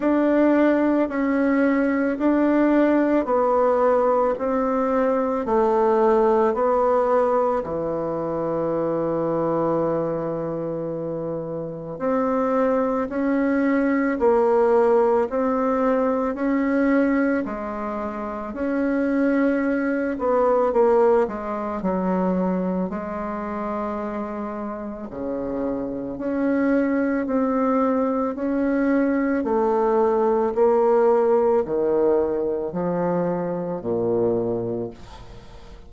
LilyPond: \new Staff \with { instrumentName = "bassoon" } { \time 4/4 \tempo 4 = 55 d'4 cis'4 d'4 b4 | c'4 a4 b4 e4~ | e2. c'4 | cis'4 ais4 c'4 cis'4 |
gis4 cis'4. b8 ais8 gis8 | fis4 gis2 cis4 | cis'4 c'4 cis'4 a4 | ais4 dis4 f4 ais,4 | }